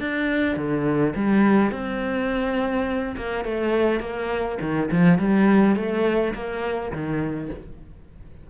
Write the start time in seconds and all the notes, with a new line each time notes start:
0.00 D4
0.57 D3
1.16 G3
1.72 C4
3.17 A#3
3.45 A3
4.01 A#3
4.61 D#3
4.91 F3
5.19 G3
5.76 A3
6.34 A#3
6.92 D#3